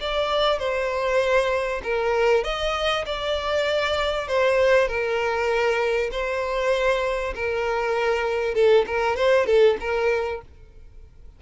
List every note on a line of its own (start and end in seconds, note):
0.00 0.59 D5
0.59 1.81 C5
1.83 2.44 A#4
2.44 3.05 D#5
3.05 4.27 D5
4.27 4.88 C5
4.88 6.10 A#4
6.11 7.34 C5
7.35 8.54 A#4
8.54 8.85 A4
8.86 9.16 A#4
9.16 9.46 C5
9.46 9.77 A4
9.80 10.41 A#4